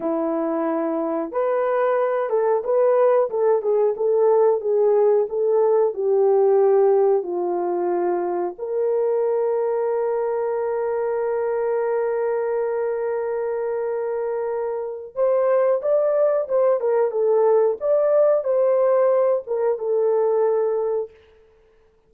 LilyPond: \new Staff \with { instrumentName = "horn" } { \time 4/4 \tempo 4 = 91 e'2 b'4. a'8 | b'4 a'8 gis'8 a'4 gis'4 | a'4 g'2 f'4~ | f'4 ais'2.~ |
ais'1~ | ais'2. c''4 | d''4 c''8 ais'8 a'4 d''4 | c''4. ais'8 a'2 | }